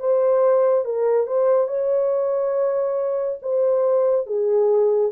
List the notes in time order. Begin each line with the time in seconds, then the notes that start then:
0.00 C5
0.85 A#4
1.27 C5
1.68 C#5
3.42 C5
4.27 G#4